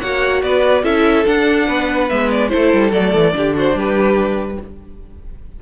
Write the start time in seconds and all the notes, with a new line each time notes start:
0.00 A#3 F#4 C#5 F#5
0.42 B3 B4 D5
0.83 C#4 E4 A4 E5
1.26 D4 F#5
1.66 B3 B4
2.09 G#3 B3 E5
2.31 D5
2.48 A3 E4 A4 C5
2.73 G3
2.92 F#3 A3 D5
3.14 E3
3.33 D3 D4 G4
3.56 F#4 C5
3.74 G3 G4 B4